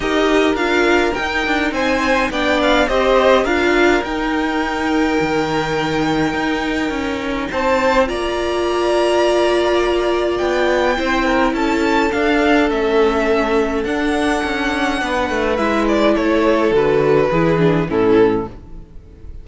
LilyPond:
<<
  \new Staff \with { instrumentName = "violin" } { \time 4/4 \tempo 4 = 104 dis''4 f''4 g''4 gis''4 | g''8 f''8 dis''4 f''4 g''4~ | g''1~ | g''4 a''4 ais''2~ |
ais''2 g''2 | a''4 f''4 e''2 | fis''2. e''8 d''8 | cis''4 b'2 a'4 | }
  \new Staff \with { instrumentName = "violin" } { \time 4/4 ais'2. c''4 | d''4 c''4 ais'2~ | ais'1~ | ais'4 c''4 d''2~ |
d''2. c''8 ais'8 | a'1~ | a'2 b'2 | a'2 gis'4 e'4 | }
  \new Staff \with { instrumentName = "viola" } { \time 4/4 g'4 f'4 dis'2 | d'4 g'4 f'4 dis'4~ | dis'1~ | dis'2 f'2~ |
f'2. e'4~ | e'4 d'4 cis'2 | d'2. e'4~ | e'4 fis'4 e'8 d'8 cis'4 | }
  \new Staff \with { instrumentName = "cello" } { \time 4/4 dis'4 d'4 dis'8 d'8 c'4 | b4 c'4 d'4 dis'4~ | dis'4 dis2 dis'4 | cis'4 c'4 ais2~ |
ais2 b4 c'4 | cis'4 d'4 a2 | d'4 cis'4 b8 a8 gis4 | a4 d4 e4 a,4 | }
>>